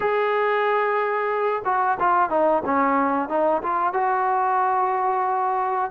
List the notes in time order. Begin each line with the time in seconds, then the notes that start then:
0.00 G#4
1.65 F#4
1.99 F4
2.29 D#4
2.65 C#4
3.28 D#4
3.62 F4
3.93 F#4